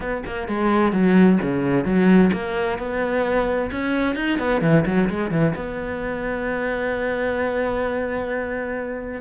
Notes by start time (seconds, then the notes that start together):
0.00 B3
0.25 A#3
0.48 G#3
0.92 F#3
1.41 C#3
1.84 F#3
2.32 A#3
2.78 B3
3.71 C#4
4.15 D#4
4.38 B3
4.61 E3
4.86 F#3
5.09 G#3
5.30 E3
5.55 B3